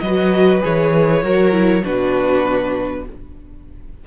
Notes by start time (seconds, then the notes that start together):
0.00 F#3 F#4 B4 D#5
0.61 E3 G#4 C#5
1.23 F#3 F#4 A#4
1.52 E4
1.83 B2 D4 F#4 B4